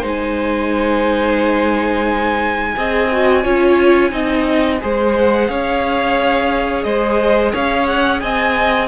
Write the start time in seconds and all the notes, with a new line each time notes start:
0.00 G#3 D#4 C5
0.08 G#5
2.77 C4 G#4 D#5
3.13 F#4
3.43 C#4 F4 C#5
4.11 C4 D#4 D#5
4.81 G#3 G#4 C5
5.18 F#5
5.47 C#4 C#5 F5
6.83 G#3 C5 D#5
7.52 C#4 C#5 F5
7.87 F#5
8.21 C4 D#5 G#5